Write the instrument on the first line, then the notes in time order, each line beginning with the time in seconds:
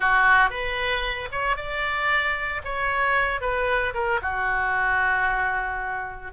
oboe
0.00 F#4
0.50 B4
1.31 C#5
1.56 D5
2.64 C#5
3.40 B4
3.94 A#4
4.22 F#4